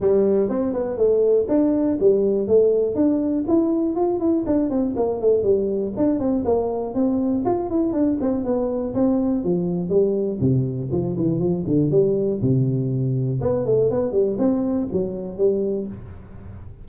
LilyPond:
\new Staff \with { instrumentName = "tuba" } { \time 4/4 \tempo 4 = 121 g4 c'8 b8 a4 d'4 | g4 a4 d'4 e'4 | f'8 e'8 d'8 c'8 ais8 a8 g4 | d'8 c'8 ais4 c'4 f'8 e'8 |
d'8 c'8 b4 c'4 f4 | g4 c4 f8 e8 f8 d8 | g4 c2 b8 a8 | b8 g8 c'4 fis4 g4 | }